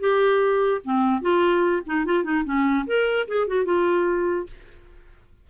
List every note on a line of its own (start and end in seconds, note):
0.00 0.82 G4
0.85 1.22 C4
1.22 1.83 F4
1.86 2.06 D#4
2.06 2.24 F4
2.24 2.45 D#4
2.45 2.86 C#4
2.87 3.28 A#4
3.28 3.48 G#4
3.48 3.65 F#4
3.65 4.47 F4